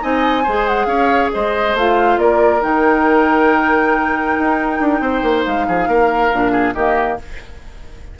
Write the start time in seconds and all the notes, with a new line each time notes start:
0.00 C4 D#4 D#5 G#5
0.42 G#3 G#4 C5
0.67 F#5
0.85 C#4 C#5 F5
1.33 G#3 C5 D#5
1.74 A3 F4 F5
2.17 A#3 A#4 D5
2.60 D#3 D#4 G5
4.38 D#4
4.79 D4
5.00 C4 C5
5.22 A#3
5.44 G#3 F5
5.67 F3 G#4
5.87 A#3 A#4
6.32 A#2 D4
6.51 G#4
6.74 D#3 A#3 G4 D#5